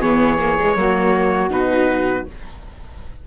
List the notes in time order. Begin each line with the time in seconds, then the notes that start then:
0.00 E3 B3 G#4 C#5
0.39 A#3
0.60 G#3
0.75 F#3 A#3 F#4
1.50 B2 D#4 B4